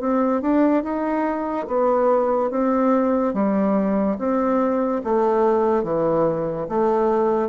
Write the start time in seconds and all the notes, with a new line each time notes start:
0.00 C4
0.42 D4
0.83 D#4
1.67 B3
2.51 C4
3.34 G3
4.18 C4
5.04 A3
5.83 E3
6.69 A3